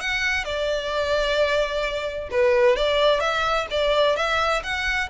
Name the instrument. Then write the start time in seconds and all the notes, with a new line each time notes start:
violin
0.00 F#5
0.44 D5
2.31 B4
2.76 D5
3.20 E5
3.70 D5
4.16 E5
4.63 F#5